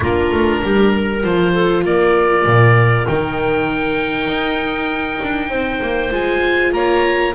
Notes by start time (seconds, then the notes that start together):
0.00 A#3 D4 F4 A#4
0.31 A3
0.62 G3 G4
0.92 A#4
1.22 F3 F4 C5
1.53 A4
1.83 A#3 A#4 D5
2.45 A#2
3.06 D#3 D#4 G5
4.27 D#4
5.23 D4
5.49 C4 C5
5.81 A#3
6.11 G#3 F4 G#5
6.73 A#3 C#5 A#5